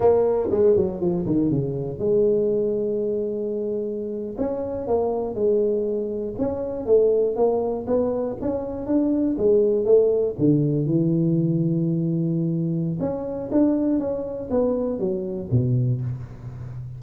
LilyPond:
\new Staff \with { instrumentName = "tuba" } { \time 4/4 \tempo 4 = 120 ais4 gis8 fis8 f8 dis8 cis4 | gis1~ | gis8. cis'4 ais4 gis4~ gis16~ | gis8. cis'4 a4 ais4 b16~ |
b8. cis'4 d'4 gis4 a16~ | a8. d4 e2~ e16~ | e2 cis'4 d'4 | cis'4 b4 fis4 b,4 | }